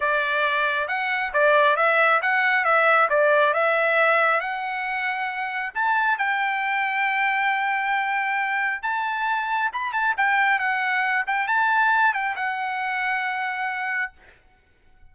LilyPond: \new Staff \with { instrumentName = "trumpet" } { \time 4/4 \tempo 4 = 136 d''2 fis''4 d''4 | e''4 fis''4 e''4 d''4 | e''2 fis''2~ | fis''4 a''4 g''2~ |
g''1 | a''2 b''8 a''8 g''4 | fis''4. g''8 a''4. g''8 | fis''1 | }